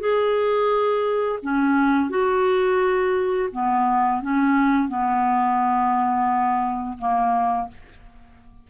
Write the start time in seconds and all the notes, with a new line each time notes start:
0.00 G#4
1.43 C#4
2.10 F#4
3.53 B3
4.22 C#4
4.89 B3
6.99 A#3